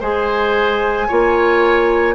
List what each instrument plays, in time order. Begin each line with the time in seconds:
0.00 bassoon G#3, clarinet G#4, oboe C5, flute G#5
1.08 bassoon A#3, clarinet F4, oboe C#5